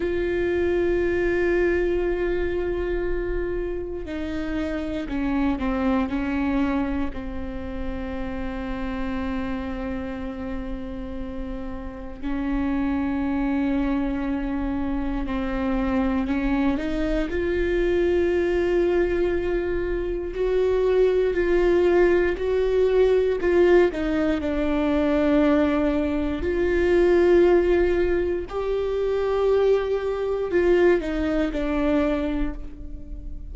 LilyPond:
\new Staff \with { instrumentName = "viola" } { \time 4/4 \tempo 4 = 59 f'1 | dis'4 cis'8 c'8 cis'4 c'4~ | c'1 | cis'2. c'4 |
cis'8 dis'8 f'2. | fis'4 f'4 fis'4 f'8 dis'8 | d'2 f'2 | g'2 f'8 dis'8 d'4 | }